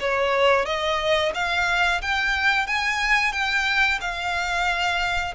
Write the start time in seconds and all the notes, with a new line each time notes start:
0.00 C#5
0.66 D#5
1.35 F5
2.02 G5
2.67 G#5
3.33 G5
4.01 F5